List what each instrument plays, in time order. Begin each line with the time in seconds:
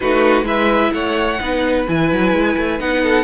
0.00 cello A3, viola D#4, violin F#4 B4
0.43 cello G#3, viola E4, violin B4 E5
0.93 cello A3, violin C#5 F#5
1.40 cello B3, viola D#4, violin B4
1.87 cello E3, viola E4, violin G#5
2.12 cello F#3
2.32 cello G#3
2.56 cello A3
2.79 cello B3, viola D#4, violin F#5
3.02 violin A4